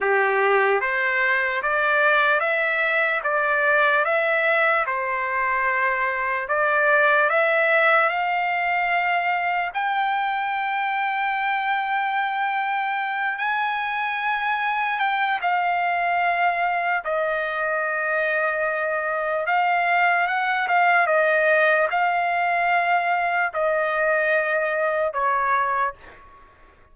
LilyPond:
\new Staff \with { instrumentName = "trumpet" } { \time 4/4 \tempo 4 = 74 g'4 c''4 d''4 e''4 | d''4 e''4 c''2 | d''4 e''4 f''2 | g''1~ |
g''8 gis''2 g''8 f''4~ | f''4 dis''2. | f''4 fis''8 f''8 dis''4 f''4~ | f''4 dis''2 cis''4 | }